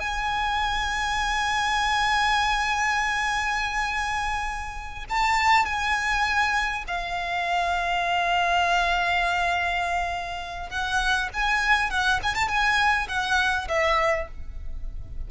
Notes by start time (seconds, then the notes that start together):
0.00 G#5
5.10 A5
5.65 G#5
6.87 F5
10.70 F#5
11.33 G#5
11.90 F#5
12.23 G#5
12.35 A5
12.48 G#5
13.08 F#5
13.68 E5